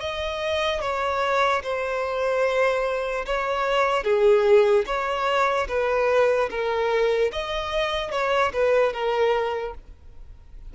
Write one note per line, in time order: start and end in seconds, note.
0.00 0.81 D#5
0.81 1.62 C#5
1.63 3.25 C5
3.25 4.04 C#5
4.04 4.85 G#4
4.86 5.67 C#5
5.68 6.49 B4
6.50 7.31 A#4
7.32 8.11 D#5
8.11 8.52 C#5
8.53 8.93 B4
8.93 9.74 A#4